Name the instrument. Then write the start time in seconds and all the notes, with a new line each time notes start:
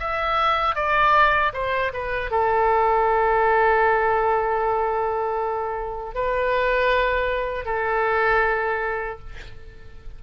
oboe
0.00 E5
0.76 D5
1.54 C5
1.94 B4
2.31 A4
6.15 B4
7.66 A4